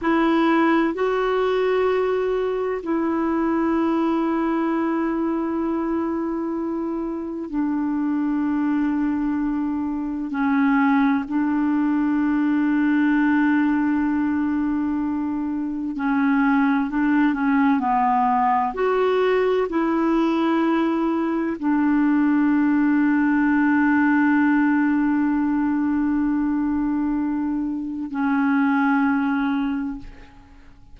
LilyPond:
\new Staff \with { instrumentName = "clarinet" } { \time 4/4 \tempo 4 = 64 e'4 fis'2 e'4~ | e'1 | d'2. cis'4 | d'1~ |
d'4 cis'4 d'8 cis'8 b4 | fis'4 e'2 d'4~ | d'1~ | d'2 cis'2 | }